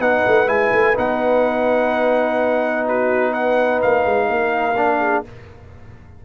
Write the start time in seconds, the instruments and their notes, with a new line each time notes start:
0.00 tuba B3, trombone D#4, horn B4, trumpet F#5
0.27 tuba A3
0.46 tuba G#3, trombone E4, trumpet G#5
0.73 tuba A3
0.94 tuba B3, trombone D#4, trumpet F#5
2.87 horn F#4, trumpet B4
3.32 horn B4, trumpet F#5
3.82 tuba A#3, trumpet F5
4.05 tuba G#3
4.27 tuba A#3, horn A#4
4.77 trombone D4
5.00 horn G#4